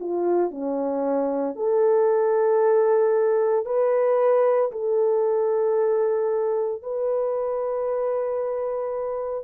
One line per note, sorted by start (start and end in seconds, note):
0.00 0.51 F4
0.51 1.56 C#4
1.56 3.66 A4
3.66 4.71 B4
4.72 6.82 A4
6.82 9.44 B4